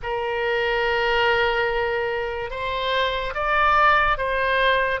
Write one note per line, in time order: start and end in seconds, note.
0.02 2.50 A#4
2.50 3.33 C5
3.34 4.17 D5
4.17 5.00 C5